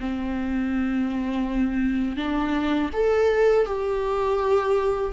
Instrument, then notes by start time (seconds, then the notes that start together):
viola
0.00 C4
2.17 D4
2.93 A4
3.66 G4